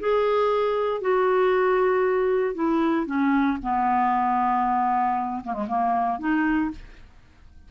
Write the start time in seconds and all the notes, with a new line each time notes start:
0.00 G#4
1.01 F#4
2.55 E4
3.06 C#4
3.63 B3
5.44 A#3
5.54 G#3
5.68 A#3
6.19 D#4